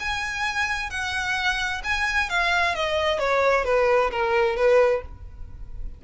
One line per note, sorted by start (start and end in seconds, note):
0.00 0.91 G#5
0.91 1.82 F#5
1.84 2.30 G#5
2.30 2.75 F5
2.75 3.20 D#5
3.20 3.65 C#5
3.65 4.11 B4
4.12 4.57 A#4
4.57 5.02 B4